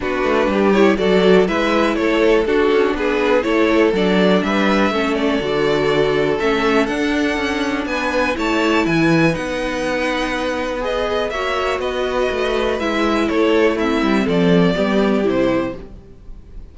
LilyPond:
<<
  \new Staff \with { instrumentName = "violin" } { \time 4/4 \tempo 4 = 122 b'4. cis''8 d''4 e''4 | cis''4 a'4 b'4 cis''4 | d''4 e''4. d''4.~ | d''4 e''4 fis''2 |
gis''4 a''4 gis''4 fis''4~ | fis''2 dis''4 e''4 | dis''2 e''4 cis''4 | e''4 d''2 c''4 | }
  \new Staff \with { instrumentName = "violin" } { \time 4/4 fis'4 g'4 a'4 b'4 | a'4 fis'4 gis'4 a'4~ | a'4 b'4 a'2~ | a'1 |
b'4 cis''4 b'2~ | b'2. cis''4 | b'2. a'4 | e'4 a'4 g'2 | }
  \new Staff \with { instrumentName = "viola" } { \time 4/4 d'4. e'8 fis'4 e'4~ | e'4 d'2 e'4 | d'2 cis'4 fis'4~ | fis'4 cis'4 d'2~ |
d'4 e'2 dis'4~ | dis'2 gis'4 fis'4~ | fis'2 e'2 | c'2 b4 e'4 | }
  \new Staff \with { instrumentName = "cello" } { \time 4/4 b8 a8 g4 fis4 gis4 | a4 d'8 cis'8 b4 a4 | fis4 g4 a4 d4~ | d4 a4 d'4 cis'4 |
b4 a4 e4 b4~ | b2. ais4 | b4 a4 gis4 a4~ | a8 g8 f4 g4 c4 | }
>>